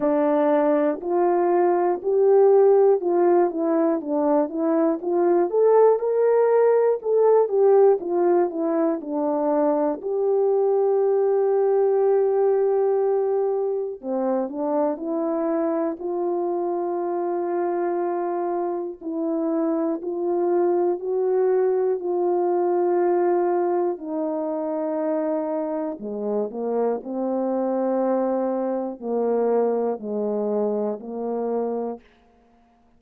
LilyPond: \new Staff \with { instrumentName = "horn" } { \time 4/4 \tempo 4 = 60 d'4 f'4 g'4 f'8 e'8 | d'8 e'8 f'8 a'8 ais'4 a'8 g'8 | f'8 e'8 d'4 g'2~ | g'2 c'8 d'8 e'4 |
f'2. e'4 | f'4 fis'4 f'2 | dis'2 gis8 ais8 c'4~ | c'4 ais4 gis4 ais4 | }